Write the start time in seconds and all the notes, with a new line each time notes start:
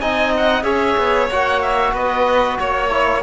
0.00 C4 D#4 D#5 G#5
0.37 F#5
0.63 C#4 G#4 C#5 E5
0.98 B3
1.31 A#3 F#4 F#5
1.62 E5
1.93 B3 B4 D#5
2.58 A#3 C#5
2.90 E4